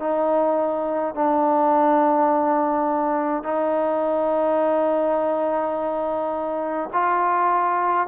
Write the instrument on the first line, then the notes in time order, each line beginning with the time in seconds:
trombone
0.00 D#4
1.15 D4
3.44 D#4
6.94 F4